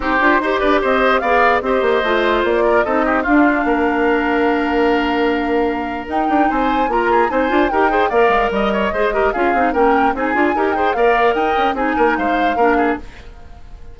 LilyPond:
<<
  \new Staff \with { instrumentName = "flute" } { \time 4/4 \tempo 4 = 148 c''4. d''8 dis''4 f''4 | dis''2 d''4 dis''4 | f''1~ | f''2. g''4 |
gis''4 ais''4 gis''4 g''4 | f''4 dis''2 f''4 | g''4 gis''4. g''8 f''4 | g''4 gis''4 f''2 | }
  \new Staff \with { instrumentName = "oboe" } { \time 4/4 g'4 c''8 b'8 c''4 d''4 | c''2~ c''8 ais'8 a'8 g'8 | f'4 ais'2.~ | ais'1 |
c''4 ais'8 gis'8 c''4 ais'8 c''8 | d''4 dis''8 cis''8 c''8 ais'8 gis'4 | ais'4 gis'4 ais'8 c''8 d''4 | dis''4 gis'8 ais'8 c''4 ais'8 gis'8 | }
  \new Staff \with { instrumentName = "clarinet" } { \time 4/4 dis'8 f'8 g'2 gis'4 | g'4 f'2 dis'4 | d'1~ | d'2. dis'4~ |
dis'4 f'4 dis'8 f'8 g'8 gis'8 | ais'2 gis'8 g'8 f'8 dis'8 | cis'4 dis'8 f'8 g'8 gis'8 ais'4~ | ais'4 dis'2 d'4 | }
  \new Staff \with { instrumentName = "bassoon" } { \time 4/4 c'8 d'8 dis'8 d'8 c'4 b4 | c'8 ais8 a4 ais4 c'4 | d'4 ais2.~ | ais2. dis'8 d'8 |
c'4 ais4 c'8 d'8 dis'4 | ais8 gis8 g4 gis4 cis'8 c'8 | ais4 c'8 d'8 dis'4 ais4 | dis'8 cis'8 c'8 ais8 gis4 ais4 | }
>>